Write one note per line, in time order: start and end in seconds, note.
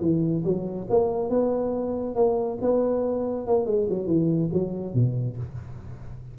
0.00 0.43 E3
0.44 0.87 F#3
0.89 1.30 A#3
1.30 2.15 B3
2.15 2.58 A#3
2.61 3.47 B3
3.47 3.66 A#3
3.66 3.87 G#3
3.89 4.07 F#3
4.07 4.50 E3
4.53 4.94 F#3
4.94 5.37 B2